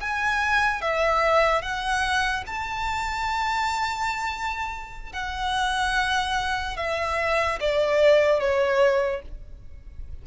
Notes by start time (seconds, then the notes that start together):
0.00 G#5
0.81 E5
1.62 F#5
2.47 A5
5.13 F#5
6.77 E5
7.60 D5
8.39 C#5